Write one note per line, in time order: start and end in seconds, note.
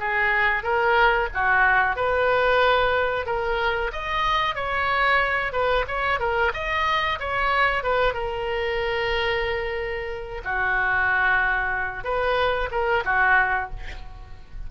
0.00 0.63 G#4
0.63 1.29 A#4
1.34 1.96 F#4
1.96 3.26 B4
3.26 3.92 A#4
3.92 4.56 D#5
4.56 5.53 C#5
5.53 5.85 B4
5.88 6.20 C#5
6.20 6.52 A#4
6.54 7.19 D#5
7.20 7.83 C#5
7.83 8.14 B4
8.14 10.42 A#4
10.45 12.04 F#4
12.04 12.69 B4
12.71 13.04 A#4
13.05 13.70 F#4